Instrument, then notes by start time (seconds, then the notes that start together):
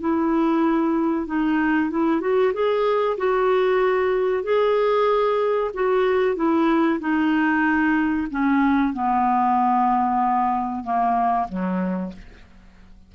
clarinet
0.00 E4
1.26 D#4
1.90 E4
2.21 F#4
2.53 G#4
3.17 F#4
4.43 G#4
5.74 F#4
6.35 E4
7.00 D#4
8.30 C#4
8.93 B3
10.83 A#3
11.48 F#3